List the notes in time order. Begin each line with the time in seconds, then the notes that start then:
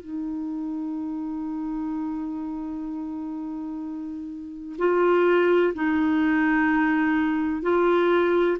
0.00 D#4
4.78 F4
5.74 D#4
7.62 F4